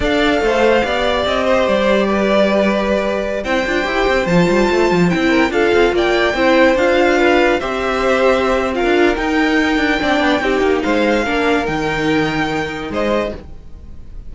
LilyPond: <<
  \new Staff \with { instrumentName = "violin" } { \time 4/4 \tempo 4 = 144 f''2. dis''4 | d''1~ | d''16 g''2 a''4.~ a''16~ | a''16 g''4 f''4 g''4.~ g''16~ |
g''16 f''2 e''4.~ e''16~ | e''4 f''4 g''2~ | g''2 f''2 | g''2. dis''4 | }
  \new Staff \with { instrumentName = "violin" } { \time 4/4 d''4 c''4 d''4. c''8~ | c''4 b'2.~ | b'16 c''2.~ c''8.~ | c''8. ais'8 a'4 d''4 c''8.~ |
c''4~ c''16 b'4 c''4.~ c''16~ | c''4 ais'2. | d''4 g'4 c''4 ais'4~ | ais'2. c''4 | }
  \new Staff \with { instrumentName = "viola" } { \time 4/4 a'2 g'2~ | g'1~ | g'16 e'8 f'8 g'4 f'4.~ f'16~ | f'16 e'4 f'2 e'8.~ |
e'16 f'2 g'4.~ g'16~ | g'4 f'4 dis'2 | d'4 dis'2 d'4 | dis'1 | }
  \new Staff \with { instrumentName = "cello" } { \time 4/4 d'4 a4 b4 c'4 | g1~ | g16 c'8 d'8 e'8 c'8 f8 g8 a8 f16~ | f16 c'4 d'8 c'8 ais4 c'8.~ |
c'16 d'2 c'4.~ c'16~ | c'4~ c'16 d'8. dis'4. d'8 | c'8 b8 c'8 ais8 gis4 ais4 | dis2. gis4 | }
>>